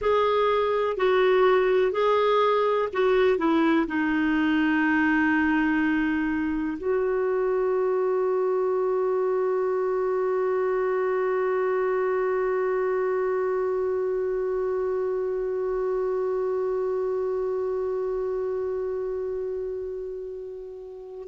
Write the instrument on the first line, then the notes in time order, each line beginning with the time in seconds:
clarinet
0.01 G#4
0.96 F#4
1.92 G#4
2.93 F#4
3.38 E4
3.87 D#4
6.77 F#4